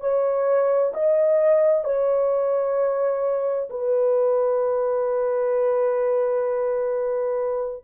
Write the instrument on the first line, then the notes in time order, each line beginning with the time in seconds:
horn
0.00 C#5
0.94 D#5
1.84 C#5
3.69 B4